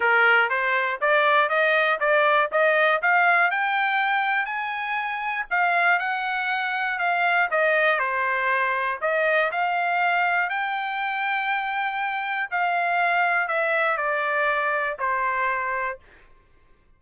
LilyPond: \new Staff \with { instrumentName = "trumpet" } { \time 4/4 \tempo 4 = 120 ais'4 c''4 d''4 dis''4 | d''4 dis''4 f''4 g''4~ | g''4 gis''2 f''4 | fis''2 f''4 dis''4 |
c''2 dis''4 f''4~ | f''4 g''2.~ | g''4 f''2 e''4 | d''2 c''2 | }